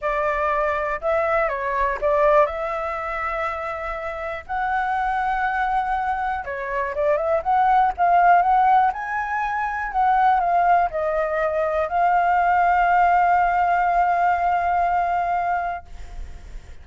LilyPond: \new Staff \with { instrumentName = "flute" } { \time 4/4 \tempo 4 = 121 d''2 e''4 cis''4 | d''4 e''2.~ | e''4 fis''2.~ | fis''4 cis''4 d''8 e''8 fis''4 |
f''4 fis''4 gis''2 | fis''4 f''4 dis''2 | f''1~ | f''1 | }